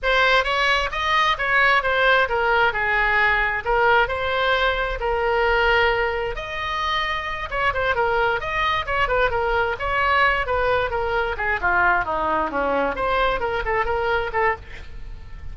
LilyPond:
\new Staff \with { instrumentName = "oboe" } { \time 4/4 \tempo 4 = 132 c''4 cis''4 dis''4 cis''4 | c''4 ais'4 gis'2 | ais'4 c''2 ais'4~ | ais'2 dis''2~ |
dis''8 cis''8 c''8 ais'4 dis''4 cis''8 | b'8 ais'4 cis''4. b'4 | ais'4 gis'8 f'4 dis'4 cis'8~ | cis'8 c''4 ais'8 a'8 ais'4 a'8 | }